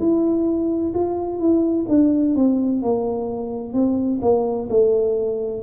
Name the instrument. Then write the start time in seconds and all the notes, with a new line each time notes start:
tuba
0.00 E4
0.95 F4
1.40 E4
1.89 D4
2.36 C4
2.83 A#3
3.74 C4
4.22 A#3
4.70 A3